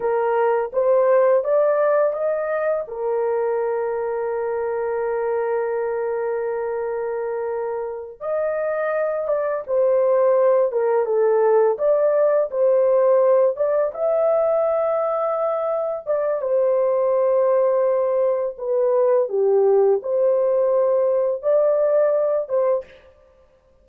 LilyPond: \new Staff \with { instrumentName = "horn" } { \time 4/4 \tempo 4 = 84 ais'4 c''4 d''4 dis''4 | ais'1~ | ais'2.~ ais'8 dis''8~ | dis''4 d''8 c''4. ais'8 a'8~ |
a'8 d''4 c''4. d''8 e''8~ | e''2~ e''8 d''8 c''4~ | c''2 b'4 g'4 | c''2 d''4. c''8 | }